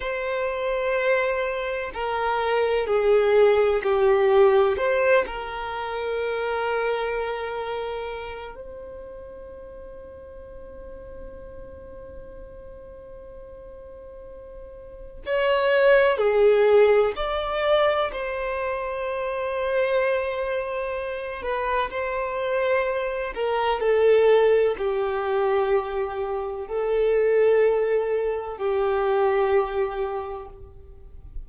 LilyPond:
\new Staff \with { instrumentName = "violin" } { \time 4/4 \tempo 4 = 63 c''2 ais'4 gis'4 | g'4 c''8 ais'2~ ais'8~ | ais'4 c''2.~ | c''1 |
cis''4 gis'4 d''4 c''4~ | c''2~ c''8 b'8 c''4~ | c''8 ais'8 a'4 g'2 | a'2 g'2 | }